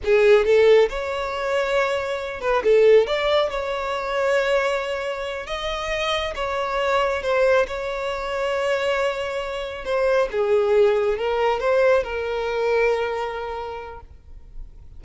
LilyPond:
\new Staff \with { instrumentName = "violin" } { \time 4/4 \tempo 4 = 137 gis'4 a'4 cis''2~ | cis''4. b'8 a'4 d''4 | cis''1~ | cis''8 dis''2 cis''4.~ |
cis''8 c''4 cis''2~ cis''8~ | cis''2~ cis''8 c''4 gis'8~ | gis'4. ais'4 c''4 ais'8~ | ais'1 | }